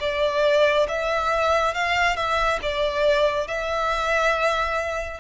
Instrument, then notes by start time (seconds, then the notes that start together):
violin
0.00 D5
0.89 E5
1.74 F5
2.16 E5
2.62 D5
3.47 E5